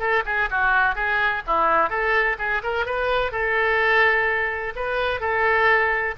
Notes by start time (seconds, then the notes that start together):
0.00 A4
0.26 G#4
0.51 F#4
0.96 G#4
1.47 E4
1.90 A4
2.39 G#4
2.64 A#4
2.86 B4
3.32 A4
4.76 B4
5.21 A4